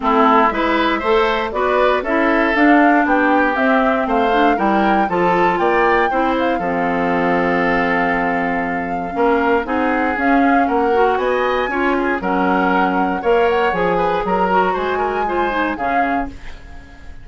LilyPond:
<<
  \new Staff \with { instrumentName = "flute" } { \time 4/4 \tempo 4 = 118 a'4 e''2 d''4 | e''4 f''4 g''4 e''4 | f''4 g''4 a''4 g''4~ | g''8 f''2.~ f''8~ |
f''2. fis''4 | f''4 fis''4 gis''2 | fis''2 f''8 fis''8 gis''4 | ais''4 gis''2 f''4 | }
  \new Staff \with { instrumentName = "oboe" } { \time 4/4 e'4 b'4 c''4 b'4 | a'2 g'2 | c''4 ais'4 a'4 d''4 | c''4 a'2.~ |
a'2 ais'4 gis'4~ | gis'4 ais'4 dis''4 cis''8 gis'8 | ais'2 cis''4. b'8 | ais'4 c''8 ais'8 c''4 gis'4 | }
  \new Staff \with { instrumentName = "clarinet" } { \time 4/4 c'4 e'4 a'4 fis'4 | e'4 d'2 c'4~ | c'8 d'8 e'4 f'2 | e'4 c'2.~ |
c'2 cis'4 dis'4 | cis'4. fis'4. f'4 | cis'2 ais'4 gis'4~ | gis'8 fis'4. f'8 dis'8 cis'4 | }
  \new Staff \with { instrumentName = "bassoon" } { \time 4/4 a4 gis4 a4 b4 | cis'4 d'4 b4 c'4 | a4 g4 f4 ais4 | c'4 f2.~ |
f2 ais4 c'4 | cis'4 ais4 b4 cis'4 | fis2 ais4 f4 | fis4 gis2 cis4 | }
>>